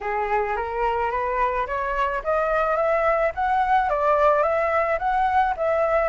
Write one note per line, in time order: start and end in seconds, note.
0.00 0.56 G#4
0.56 1.10 A#4
1.10 1.66 B4
1.66 2.22 C#5
2.23 2.76 D#5
2.76 3.32 E5
3.35 3.89 F#5
3.89 4.42 D5
4.42 4.98 E5
4.98 5.54 F#5
5.56 6.08 E5